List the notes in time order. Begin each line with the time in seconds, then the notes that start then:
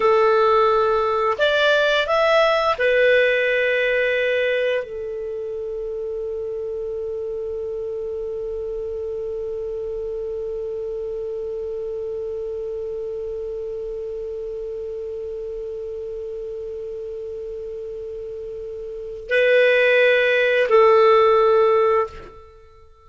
0.00 A4
1.38 D5
2.07 E5
2.78 B4
4.83 A4
19.29 B4
20.69 A4